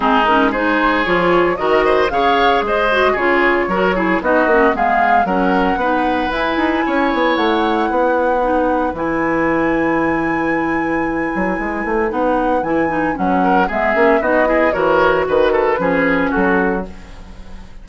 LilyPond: <<
  \new Staff \with { instrumentName = "flute" } { \time 4/4 \tempo 4 = 114 gis'8 ais'8 c''4 cis''4 dis''4 | f''4 dis''4 cis''2 | dis''4 f''4 fis''2 | gis''2 fis''2~ |
fis''4 gis''2.~ | gis''2. fis''4 | gis''4 fis''4 e''4 dis''4 | cis''4 b'2 a'4 | }
  \new Staff \with { instrumentName = "oboe" } { \time 4/4 dis'4 gis'2 ais'8 c''8 | cis''4 c''4 gis'4 ais'8 gis'8 | fis'4 gis'4 ais'4 b'4~ | b'4 cis''2 b'4~ |
b'1~ | b'1~ | b'4. ais'8 gis'4 fis'8 gis'8 | ais'4 b'8 a'8 gis'4 fis'4 | }
  \new Staff \with { instrumentName = "clarinet" } { \time 4/4 c'8 cis'8 dis'4 f'4 fis'4 | gis'4. fis'8 f'4 fis'8 e'8 | dis'8 cis'8 b4 cis'4 dis'4 | e'1 |
dis'4 e'2.~ | e'2. dis'4 | e'8 dis'8 cis'4 b8 cis'8 dis'8 e'8 | fis'2 cis'2 | }
  \new Staff \with { instrumentName = "bassoon" } { \time 4/4 gis2 f4 dis4 | cis4 gis4 cis4 fis4 | b8 ais8 gis4 fis4 b4 | e'8 dis'8 cis'8 b8 a4 b4~ |
b4 e2.~ | e4. fis8 gis8 a8 b4 | e4 fis4 gis8 ais8 b4 | e4 dis4 f4 fis4 | }
>>